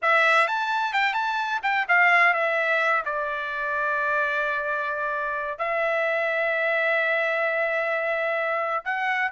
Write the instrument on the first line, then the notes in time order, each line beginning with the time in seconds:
trumpet
0.02 E5
0.47 A5
0.93 G5
1.13 A5
1.62 G5
1.88 F5
2.33 E5
3.05 D5
5.58 E5
8.85 F#5